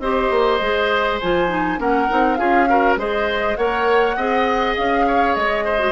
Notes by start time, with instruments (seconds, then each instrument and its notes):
0.00 bassoon C4, clarinet G4, oboe C5, flute D#5
0.31 bassoon A#3
0.61 bassoon G#3, clarinet G#4
1.21 bassoon F3, clarinet F4, flute G#5
1.49 clarinet D#4
1.78 bassoon A#3, clarinet C#4, oboe A#4, flute F#5
2.09 bassoon C4, clarinet D#4
2.36 bassoon C#4, clarinet F4, oboe G#4, flute F5
2.69 clarinet F#4, oboe A#4
2.97 bassoon G#3, clarinet G#4, oboe C5, flute D#5
3.57 bassoon A#3, clarinet A#4, oboe C#5, flute F#5
4.17 bassoon C4, clarinet G#4, oboe D#5
4.76 bassoon C#4, flute F5
5.08 oboe C#5
5.35 bassoon G#3, flute D#5
5.65 oboe C5
5.79 clarinet F#4